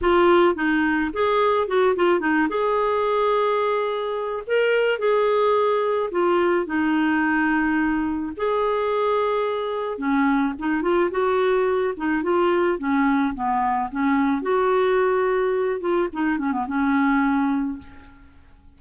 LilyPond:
\new Staff \with { instrumentName = "clarinet" } { \time 4/4 \tempo 4 = 108 f'4 dis'4 gis'4 fis'8 f'8 | dis'8 gis'2.~ gis'8 | ais'4 gis'2 f'4 | dis'2. gis'4~ |
gis'2 cis'4 dis'8 f'8 | fis'4. dis'8 f'4 cis'4 | b4 cis'4 fis'2~ | fis'8 f'8 dis'8 cis'16 b16 cis'2 | }